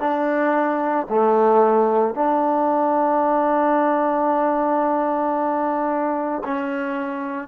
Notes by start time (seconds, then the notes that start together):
0.00 D4
1.10 A3
2.15 D4
6.44 C#4